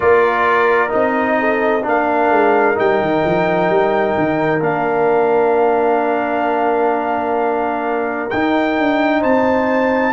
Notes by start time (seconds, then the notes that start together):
0.00 A#3 F4 A#4 D5
0.88 C4 D#4 D#5
1.39 A4
1.82 A#3 D4 A#4 F5
2.30 G#3
2.74 G3 D#4 G5
3.00 D#3
3.24 F3
3.69 G3
4.17 D#3
4.60 A#3 D4 F5
8.29 D#4 G5
8.79 D4
9.19 C4 C5 A5